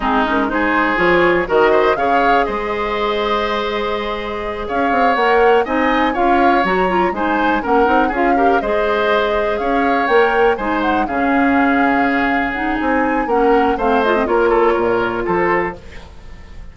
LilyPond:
<<
  \new Staff \with { instrumentName = "flute" } { \time 4/4 \tempo 4 = 122 gis'8 ais'8 c''4 cis''4 dis''4 | f''4 dis''2.~ | dis''4. f''4 fis''4 gis''8~ | gis''8 f''4 ais''4 gis''4 fis''8~ |
fis''8 f''4 dis''2 f''8~ | f''8 g''4 gis''8 fis''8 f''4.~ | f''4. fis''8 gis''4 fis''4 | f''8 dis''8 cis''2 c''4 | }
  \new Staff \with { instrumentName = "oboe" } { \time 4/4 dis'4 gis'2 ais'8 c''8 | cis''4 c''2.~ | c''4. cis''2 dis''8~ | dis''8 cis''2 c''4 ais'8~ |
ais'8 gis'8 ais'8 c''2 cis''8~ | cis''4. c''4 gis'4.~ | gis'2. ais'4 | c''4 ais'8 a'8 ais'4 a'4 | }
  \new Staff \with { instrumentName = "clarinet" } { \time 4/4 c'8 cis'8 dis'4 f'4 fis'4 | gis'1~ | gis'2~ gis'8 ais'4 dis'8~ | dis'8 f'4 fis'8 f'8 dis'4 cis'8 |
dis'8 f'8 g'8 gis'2~ gis'8~ | gis'8 ais'4 dis'4 cis'4.~ | cis'4. dis'4. cis'4 | c'8 f'16 c'16 f'2. | }
  \new Staff \with { instrumentName = "bassoon" } { \time 4/4 gis2 f4 dis4 | cis4 gis2.~ | gis4. cis'8 c'8 ais4 c'8~ | c'8 cis'4 fis4 gis4 ais8 |
c'8 cis'4 gis2 cis'8~ | cis'8 ais4 gis4 cis4.~ | cis2 c'4 ais4 | a4 ais4 ais,4 f4 | }
>>